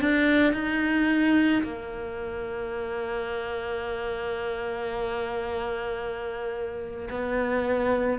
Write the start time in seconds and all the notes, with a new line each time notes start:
0.00 D4
0.53 D#4
1.63 A#3
7.10 B3